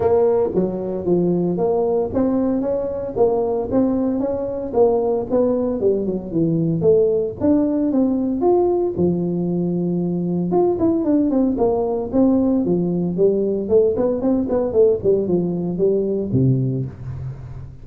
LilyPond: \new Staff \with { instrumentName = "tuba" } { \time 4/4 \tempo 4 = 114 ais4 fis4 f4 ais4 | c'4 cis'4 ais4 c'4 | cis'4 ais4 b4 g8 fis8 | e4 a4 d'4 c'4 |
f'4 f2. | f'8 e'8 d'8 c'8 ais4 c'4 | f4 g4 a8 b8 c'8 b8 | a8 g8 f4 g4 c4 | }